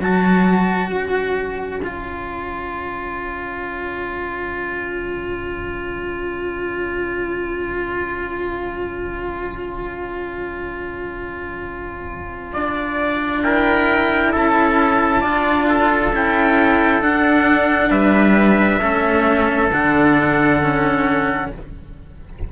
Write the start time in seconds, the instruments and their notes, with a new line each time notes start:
0.00 cello F#3 F#4, trumpet C#5 A5
0.90 cello C#4, trumpet G#5
1.84 cello F4
12.53 cello D4, trumpet D5
13.43 cello E4, trumpet A#4 G5
14.32 cello C#4, trumpet A4 A5
15.21 cello D4 F4, trumpet D5
15.69 trumpet A4
16.13 cello C#4 E4, trumpet G5
17.02 cello D4, trumpet F#5
17.91 cello G3, trumpet B4 E5
18.81 cello A3 C#4, trumpet A4
19.73 cello D3 D4, trumpet F#5
20.63 cello C#4